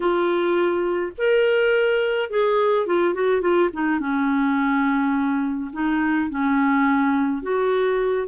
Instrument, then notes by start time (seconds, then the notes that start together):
clarinet
0.00 F4
1.17 A#4
2.29 G#4
2.86 F4
3.14 F#4
3.41 F4
3.72 D#4
3.99 C#4
5.72 D#4
6.29 C#4
7.42 F#4